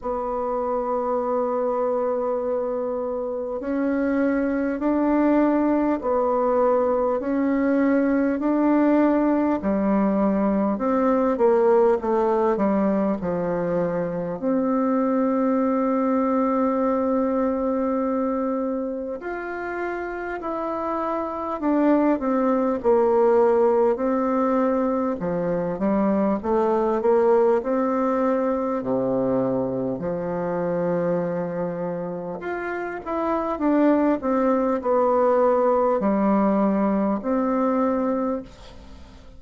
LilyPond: \new Staff \with { instrumentName = "bassoon" } { \time 4/4 \tempo 4 = 50 b2. cis'4 | d'4 b4 cis'4 d'4 | g4 c'8 ais8 a8 g8 f4 | c'1 |
f'4 e'4 d'8 c'8 ais4 | c'4 f8 g8 a8 ais8 c'4 | c4 f2 f'8 e'8 | d'8 c'8 b4 g4 c'4 | }